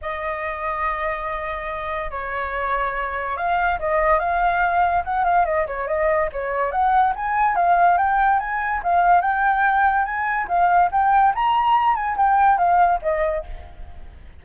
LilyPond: \new Staff \with { instrumentName = "flute" } { \time 4/4 \tempo 4 = 143 dis''1~ | dis''4 cis''2. | f''4 dis''4 f''2 | fis''8 f''8 dis''8 cis''8 dis''4 cis''4 |
fis''4 gis''4 f''4 g''4 | gis''4 f''4 g''2 | gis''4 f''4 g''4 ais''4~ | ais''8 gis''8 g''4 f''4 dis''4 | }